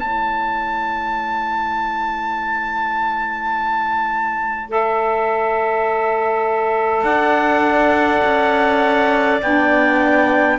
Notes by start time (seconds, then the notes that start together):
0.00 A3 E4 C#5 A5
4.70 A4 E5
7.04 D4 D5 F#5
8.25 C#4
9.42 B3 D4 G5